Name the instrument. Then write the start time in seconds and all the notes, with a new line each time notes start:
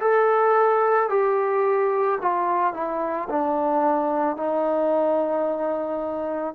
trombone
0.00 A4
1.09 G4
2.21 F4
2.73 E4
3.29 D4
4.36 D#4